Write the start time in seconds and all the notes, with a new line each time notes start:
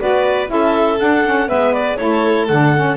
0.00 B3 F#4 B4 D5
0.47 C#4 E4 A4 E5
1.00 D4 F#5
1.25 C#4
1.48 G#3 B3 B4 E5
1.74 D5
1.97 A3 E4 A4 C#5
2.48 D3 D4 F#5
2.76 C#4